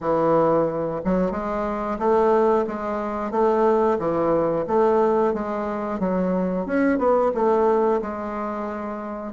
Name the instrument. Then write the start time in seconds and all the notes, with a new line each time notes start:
bassoon
0.00 E3
1.04 F#3
1.31 G#3
1.98 A3
2.67 G#3
3.31 A3
3.98 E3
4.67 A3
5.33 G#3
5.99 F#3
6.65 C#4
6.98 B3
7.34 A3
8.02 G#3